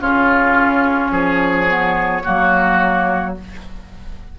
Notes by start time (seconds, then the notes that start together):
0.00 C#3 C#4 F4 C#5
1.12 F3 G#4
1.68 B3
2.24 F#3 A#3 F#4